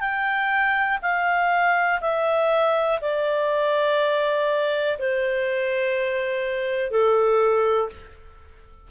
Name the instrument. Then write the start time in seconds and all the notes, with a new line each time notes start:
clarinet
0.00 G5
1.01 F5
2.00 E5
3.00 D5
4.99 C5
6.90 A4